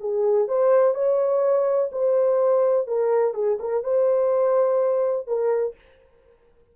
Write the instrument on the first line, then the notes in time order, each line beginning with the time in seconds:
horn
0.00 G#4
0.48 C5
0.95 C#5
1.92 C5
2.87 A#4
3.34 G#4
3.60 A#4
3.84 C5
5.27 A#4